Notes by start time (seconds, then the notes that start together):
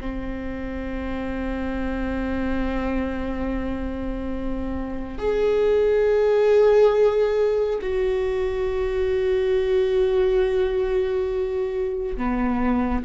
0.00 C4
5.18 G#4
7.81 F#4
12.17 B3